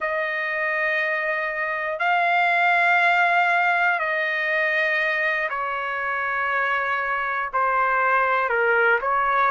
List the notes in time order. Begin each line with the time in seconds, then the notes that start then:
0.00 D#5
1.99 F5
3.99 D#5
5.50 C#5
7.53 C5
8.49 A#4
9.01 C#5